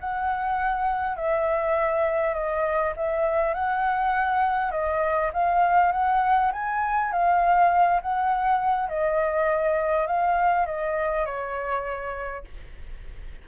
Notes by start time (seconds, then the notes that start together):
0.00 F#5
1.17 E5
2.34 D#5
2.96 E5
3.54 F#5
4.71 D#5
5.33 F5
5.92 F#5
6.53 G#5
7.12 F5
8.01 F#5
8.89 D#5
10.07 F5
10.66 D#5
11.25 C#5